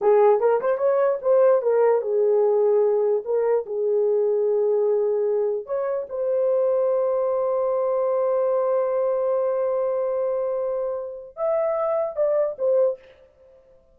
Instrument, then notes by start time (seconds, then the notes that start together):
horn
0.01 G#4
0.40 A#4
0.60 C5
0.77 C#5
1.21 C5
1.62 A#4
2.01 G#4
3.24 A#4
3.66 G#4
5.66 C#5
6.09 C5
11.36 E5
12.16 D5
12.58 C5